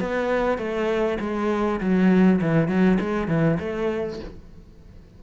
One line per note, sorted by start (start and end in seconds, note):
0.00 0.58 B3
0.58 1.18 A3
1.20 1.80 G#3
1.80 2.40 F#3
2.41 2.68 E3
2.68 2.98 F#3
3.00 3.28 G#3
3.28 3.58 E3
3.59 4.19 A3